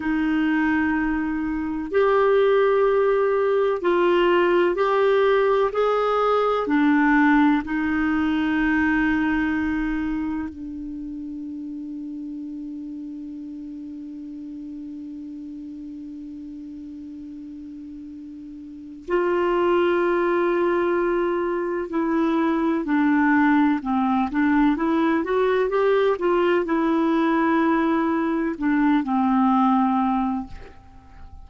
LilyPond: \new Staff \with { instrumentName = "clarinet" } { \time 4/4 \tempo 4 = 63 dis'2 g'2 | f'4 g'4 gis'4 d'4 | dis'2. d'4~ | d'1~ |
d'1 | f'2. e'4 | d'4 c'8 d'8 e'8 fis'8 g'8 f'8 | e'2 d'8 c'4. | }